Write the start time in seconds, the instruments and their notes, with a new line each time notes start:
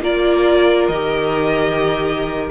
0.00 cello A#3, viola F4, violin A#4 D5
0.88 cello D#3, viola G4, violin D#5